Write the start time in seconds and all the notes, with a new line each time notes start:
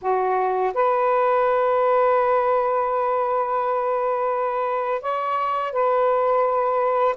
0.01 F#4
0.74 B4
5.01 C#5
5.72 B4